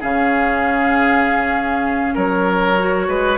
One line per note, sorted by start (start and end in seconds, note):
0.00 2.16 C#3
0.00 2.76 C#4
0.00 2.14 G#4
0.00 2.17 F5
2.14 3.08 F#3
2.14 3.06 A#4
2.14 3.38 C#5
2.79 3.38 F#4
3.08 3.38 G#3
3.08 3.38 B4